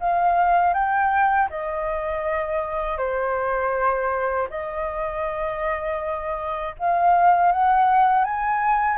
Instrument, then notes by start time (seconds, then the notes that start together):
flute
0.00 F5
0.74 G5
1.50 D#5
2.98 C5
4.50 D#5
6.78 F5
7.52 F#5
8.24 G#5